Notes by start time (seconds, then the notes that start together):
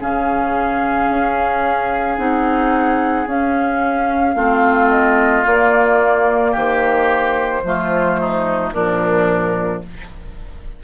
0.00 C#3 C#4 G#4 F5
1.09 C#4
2.17 C4 D#4 F#5
3.26 C#4 F5
4.35 A3 C4 F4
4.90 D#5
5.44 A#3 D5
6.51 D#3 G4 C5
7.63 F3 A3 F4
8.20 D#4
8.72 A#2 F3 D4 A#4